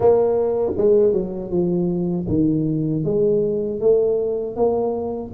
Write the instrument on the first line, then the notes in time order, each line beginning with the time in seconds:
tuba
0.00 A#3
0.77 G#3
1.13 F#3
1.50 F3
2.28 D#3
3.04 G#3
3.80 A3
4.56 A#3